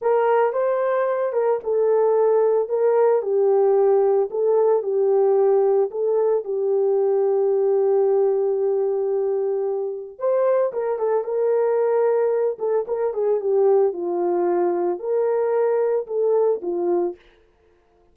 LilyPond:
\new Staff \with { instrumentName = "horn" } { \time 4/4 \tempo 4 = 112 ais'4 c''4. ais'8 a'4~ | a'4 ais'4 g'2 | a'4 g'2 a'4 | g'1~ |
g'2. c''4 | ais'8 a'8 ais'2~ ais'8 a'8 | ais'8 gis'8 g'4 f'2 | ais'2 a'4 f'4 | }